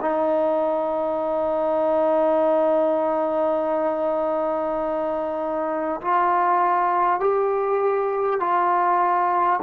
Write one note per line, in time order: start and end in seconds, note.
0.00 6.00 D#4
6.01 7.19 F4
7.19 8.39 G4
8.39 9.59 F4